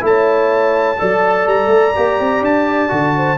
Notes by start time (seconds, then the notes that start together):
0.00 A3 E4 A5
0.07 C#5
0.98 F#3 A4 D5
1.46 G3 A#5
1.67 A3
1.95 A#3 G4
2.19 C4
2.41 D4 A5
2.88 D3 F#4
3.16 C5